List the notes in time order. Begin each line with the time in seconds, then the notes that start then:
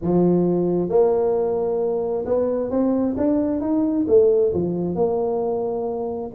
0.01 F3
0.89 A#3
2.25 B3
2.70 C4
3.17 D4
3.60 D#4
4.07 A3
4.53 F3
4.95 A#3